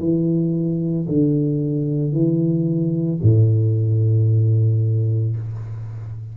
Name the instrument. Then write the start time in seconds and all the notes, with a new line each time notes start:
tuba
0.00 E3
1.08 D3
2.13 E3
3.22 A2